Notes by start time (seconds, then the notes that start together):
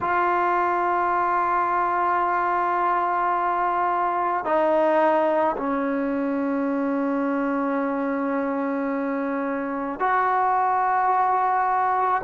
0.01 F4
4.44 D#4
5.57 C#4
9.99 F#4